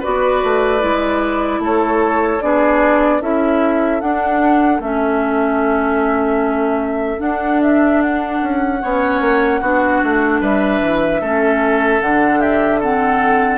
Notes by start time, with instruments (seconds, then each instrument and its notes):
0.00 clarinet F#4, oboe B4, flute D5
0.06 bassoon B3
0.44 bassoon A3
0.80 bassoon G#3, clarinet E4
1.59 bassoon A3, oboe A4, flute C#5
2.42 bassoon B3, clarinet D4, oboe G#4, flute D5
3.22 bassoon C#4, clarinet E4, oboe A4, flute E5
4.01 bassoon D4, clarinet D4, flute F#5
4.80 bassoon A3, clarinet C#4, flute E5
7.18 clarinet D4, bassoon D4, flute F#5
7.62 flute E5
8.02 flute F#5
8.43 bassoon C#4
8.82 bassoon B3, clarinet C#4, oboe C#5
9.21 bassoon A#3
9.61 bassoon B3, clarinet D4, oboe F#4
10.03 bassoon A3
10.41 bassoon G3, oboe B4, flute E5
10.82 bassoon E3
11.21 bassoon A3, clarinet C#4, oboe A4
12.01 bassoon D3, clarinet D4, flute F#5
12.40 oboe G4, flute E5
12.81 clarinet C4, oboe A4, flute F#5